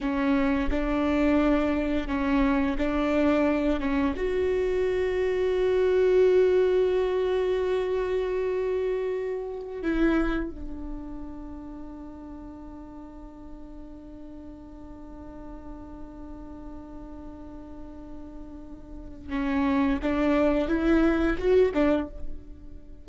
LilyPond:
\new Staff \with { instrumentName = "viola" } { \time 4/4 \tempo 4 = 87 cis'4 d'2 cis'4 | d'4. cis'8 fis'2~ | fis'1~ | fis'2~ fis'16 e'4 d'8.~ |
d'1~ | d'1~ | d'1 | cis'4 d'4 e'4 fis'8 d'8 | }